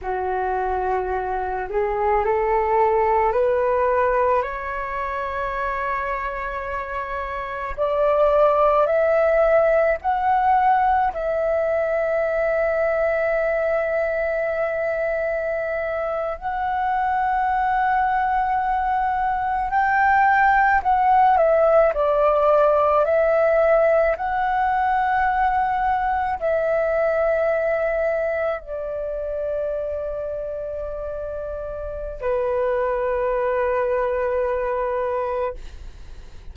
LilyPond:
\new Staff \with { instrumentName = "flute" } { \time 4/4 \tempo 4 = 54 fis'4. gis'8 a'4 b'4 | cis''2. d''4 | e''4 fis''4 e''2~ | e''2~ e''8. fis''4~ fis''16~ |
fis''4.~ fis''16 g''4 fis''8 e''8 d''16~ | d''8. e''4 fis''2 e''16~ | e''4.~ e''16 d''2~ d''16~ | d''4 b'2. | }